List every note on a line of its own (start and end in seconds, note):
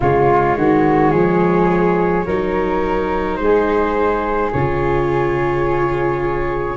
0.00 0.57 C#3
0.00 2.27 G#3
0.00 0.56 F4
0.00 3.36 C#5
0.57 1.12 D#3
0.57 1.11 F#4
1.11 2.25 F3
1.11 2.24 G#4
2.25 3.38 F#3
2.25 4.54 D#4
2.25 3.39 A#4
3.36 4.51 G#3
3.36 4.49 C5
3.43 6.76 G#4
4.52 6.76 C#3
4.52 6.76 F4
4.52 6.76 C#5